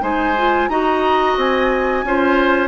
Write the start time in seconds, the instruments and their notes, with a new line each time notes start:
0.00 bassoon G#3, clarinet D#4, oboe C5, flute G#5
0.37 clarinet F4
0.68 bassoon D#4, clarinet F#4, oboe D#5, flute A#5
1.37 bassoon C4, flute G#5
2.03 bassoon C#4, clarinet F4, oboe C5